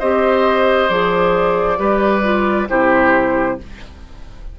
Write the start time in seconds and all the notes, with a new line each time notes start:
0.00 C4 G4 C5 D#5
0.90 F3 G#4 D5
1.78 G3 G4 B4
2.23 F4
2.69 C3 E4 G4 C5